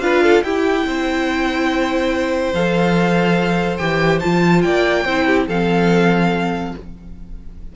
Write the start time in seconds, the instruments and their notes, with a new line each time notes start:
0.00 cello D4, viola F4, violin B4 F5
0.23 violin A4
0.43 cello E4, viola E4, violin G4 G5
0.85 cello C4, violin C5
2.53 cello F3, viola A4, violin F5
3.77 cello E3, viola G4, violin G5
4.20 cello F3, viola F4, violin A5
4.62 cello A#3, violin D5 G5
5.05 cello C4, viola E4, violin C5
5.26 violin G4
5.47 cello F3, viola C4, violin A4 F5